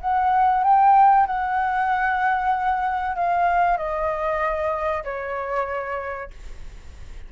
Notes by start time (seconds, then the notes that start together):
0.00 F#5
0.63 G5
1.26 F#5
3.16 F5
3.77 D#5
5.04 C#5